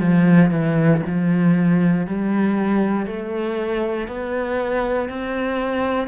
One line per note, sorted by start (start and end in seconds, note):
0.00 0.51 F3
0.51 1.02 E3
1.06 2.07 F3
2.07 3.06 G3
3.06 4.08 A3
4.08 5.09 B3
5.09 6.08 C4